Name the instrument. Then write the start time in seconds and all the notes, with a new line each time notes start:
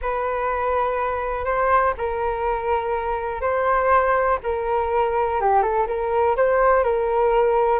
flute
0.01 B4
1.45 C5
1.97 A#4
3.41 C5
4.43 A#4
5.40 G4
5.62 A4
5.87 A#4
6.36 C5
6.83 A#4